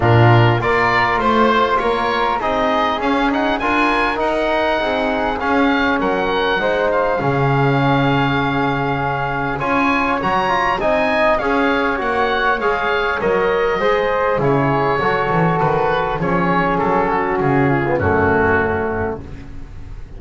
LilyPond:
<<
  \new Staff \with { instrumentName = "oboe" } { \time 4/4 \tempo 4 = 100 ais'4 d''4 c''4 cis''4 | dis''4 f''8 fis''8 gis''4 fis''4~ | fis''4 f''4 fis''4. f''8~ | f''1 |
gis''4 ais''4 gis''4 f''4 | fis''4 f''4 dis''2 | cis''2 b'4 cis''4 | a'4 gis'4 fis'2 | }
  \new Staff \with { instrumentName = "flute" } { \time 4/4 f'4 ais'4 c''4 ais'4 | gis'2 ais'2 | gis'2 ais'4 c''4 | gis'1 |
cis''2 dis''4 cis''4~ | cis''2. c''4 | gis'4 a'2 gis'4~ | gis'8 fis'4 f'8 cis'2 | }
  \new Staff \with { instrumentName = "trombone" } { \time 4/4 d'4 f'2. | dis'4 cis'8 dis'8 f'4 dis'4~ | dis'4 cis'2 dis'4 | cis'1 |
f'4 fis'8 f'8 dis'4 gis'4 | fis'4 gis'4 ais'4 gis'4 | e'4 fis'2 cis'4~ | cis'4.~ cis'16 b16 a2 | }
  \new Staff \with { instrumentName = "double bass" } { \time 4/4 ais,4 ais4 a4 ais4 | c'4 cis'4 d'4 dis'4 | c'4 cis'4 fis4 gis4 | cis1 |
cis'4 fis4 c'4 cis'4 | ais4 gis4 fis4 gis4 | cis4 fis8 e8 dis4 f4 | fis4 cis4 fis,2 | }
>>